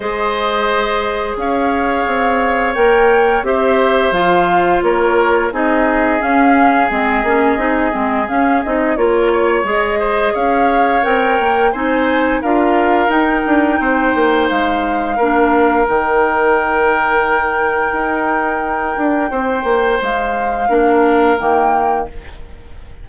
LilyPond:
<<
  \new Staff \with { instrumentName = "flute" } { \time 4/4 \tempo 4 = 87 dis''2 f''2 | g''4 e''4 f''4 cis''4 | dis''4 f''4 dis''2 | f''8 dis''8 cis''4 dis''4 f''4 |
g''4 gis''4 f''4 g''4~ | g''4 f''2 g''4~ | g''1~ | g''4 f''2 g''4 | }
  \new Staff \with { instrumentName = "oboe" } { \time 4/4 c''2 cis''2~ | cis''4 c''2 ais'4 | gis'1~ | gis'4 ais'8 cis''4 c''8 cis''4~ |
cis''4 c''4 ais'2 | c''2 ais'2~ | ais'1 | c''2 ais'2 | }
  \new Staff \with { instrumentName = "clarinet" } { \time 4/4 gis'1 | ais'4 g'4 f'2 | dis'4 cis'4 c'8 cis'8 dis'8 c'8 | cis'8 dis'8 f'4 gis'2 |
ais'4 dis'4 f'4 dis'4~ | dis'2 d'4 dis'4~ | dis'1~ | dis'2 d'4 ais4 | }
  \new Staff \with { instrumentName = "bassoon" } { \time 4/4 gis2 cis'4 c'4 | ais4 c'4 f4 ais4 | c'4 cis'4 gis8 ais8 c'8 gis8 | cis'8 c'8 ais4 gis4 cis'4 |
c'8 ais8 c'4 d'4 dis'8 d'8 | c'8 ais8 gis4 ais4 dis4~ | dis2 dis'4. d'8 | c'8 ais8 gis4 ais4 dis4 | }
>>